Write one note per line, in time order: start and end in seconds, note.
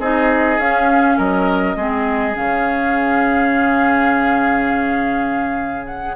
0.00 0.59 C4
0.00 0.60 D#4
0.00 1.17 G#4
0.00 0.60 D#5
0.59 1.18 C#4
0.59 1.77 C#4
0.59 1.18 F5
1.17 1.76 F#3
1.17 1.76 A#4
1.17 2.36 D#5
1.76 2.35 G#3
1.76 2.33 C4
1.76 6.16 G#4
2.33 6.16 C#3
2.33 6.16 C#4
2.33 5.87 F5
5.87 6.16 F#5